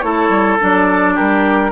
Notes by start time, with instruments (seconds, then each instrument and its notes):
0.00 bassoon A3, clarinet E4, oboe A4, flute C#5
0.29 bassoon G3
0.60 bassoon F#3, clarinet D4, flute D5
1.14 bassoon G3, oboe G4, flute A#4